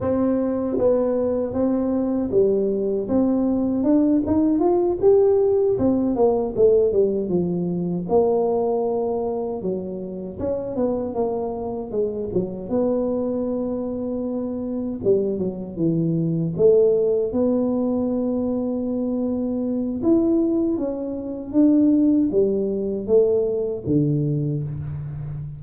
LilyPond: \new Staff \with { instrumentName = "tuba" } { \time 4/4 \tempo 4 = 78 c'4 b4 c'4 g4 | c'4 d'8 dis'8 f'8 g'4 c'8 | ais8 a8 g8 f4 ais4.~ | ais8 fis4 cis'8 b8 ais4 gis8 |
fis8 b2. g8 | fis8 e4 a4 b4.~ | b2 e'4 cis'4 | d'4 g4 a4 d4 | }